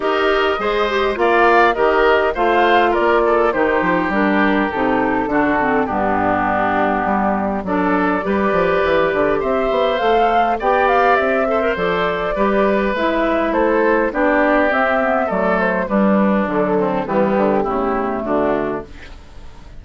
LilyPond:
<<
  \new Staff \with { instrumentName = "flute" } { \time 4/4 \tempo 4 = 102 dis''2 f''4 dis''4 | f''4 d''4 c''4 ais'4 | a'2 g'2~ | g'4 d''2. |
e''4 f''4 g''8 f''8 e''4 | d''2 e''4 c''4 | d''4 e''4 d''8 c''8 b'4 | a'4 g'2 fis'4 | }
  \new Staff \with { instrumentName = "oboe" } { \time 4/4 ais'4 c''4 d''4 ais'4 | c''4 ais'8 a'8 g'2~ | g'4 fis'4 d'2~ | d'4 a'4 b'2 |
c''2 d''4. c''8~ | c''4 b'2 a'4 | g'2 a'4 d'4~ | d'8 c'8 b4 e'4 d'4 | }
  \new Staff \with { instrumentName = "clarinet" } { \time 4/4 g'4 gis'8 g'8 f'4 g'4 | f'2 dis'4 d'4 | dis'4 d'8 c'8 b2~ | b4 d'4 g'2~ |
g'4 a'4 g'4. a'16 ais'16 | a'4 g'4 e'2 | d'4 c'8 b8 a4 g4 | fis4 g4 a2 | }
  \new Staff \with { instrumentName = "bassoon" } { \time 4/4 dis'4 gis4 ais4 dis4 | a4 ais4 dis8 f8 g4 | c4 d4 g,2 | g4 fis4 g8 f8 e8 d8 |
c'8 b8 a4 b4 c'4 | f4 g4 gis4 a4 | b4 c'4 fis4 g4 | d4 e8 d8 cis4 d4 | }
>>